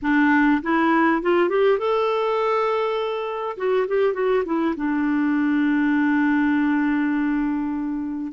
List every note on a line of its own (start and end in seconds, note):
0.02 0.61 D4
0.62 1.22 E4
1.22 1.49 F4
1.49 1.78 G4
1.78 3.56 A4
3.57 3.86 F#4
3.87 4.13 G4
4.13 4.43 F#4
4.45 4.74 E4
4.76 8.32 D4